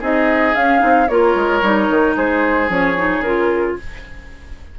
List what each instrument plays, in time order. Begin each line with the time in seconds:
0.00 bassoon C4, clarinet D#4, oboe G#4, flute D#5
0.55 bassoon C#4, clarinet C#4, flute F5
0.79 bassoon C4, clarinet D#4
1.08 bassoon A#3, clarinet F4, oboe A#4, flute C#5
1.35 bassoon G#3
1.62 bassoon G3, clarinet D#4
1.90 bassoon D#3
2.16 bassoon G#3, oboe G#4, flute C5
2.69 bassoon F3, clarinet C#4, flute C#5
2.97 clarinet D#4
3.20 bassoon C#3, clarinet F4, flute A#4